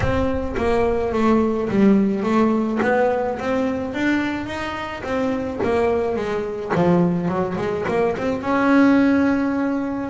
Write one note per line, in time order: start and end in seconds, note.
0.00 0.55 C4
0.57 1.12 A#3
1.12 1.68 A3
1.69 2.23 G3
2.23 2.79 A3
2.82 3.38 B3
3.39 3.94 C4
3.94 4.46 D4
4.46 5.02 D#4
5.03 5.59 C4
5.63 6.16 A#3
6.16 6.72 G#3
6.75 7.28 F3
7.28 7.56 F#3
7.57 7.85 G#3
7.88 8.16 A#3
8.17 8.41 C4
8.41 10.09 C#4